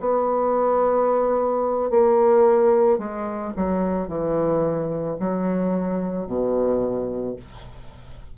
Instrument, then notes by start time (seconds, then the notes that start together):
bassoon
0.00 B3
1.90 A#3
2.99 G#3
3.57 F#3
4.08 E3
5.20 F#3
6.27 B2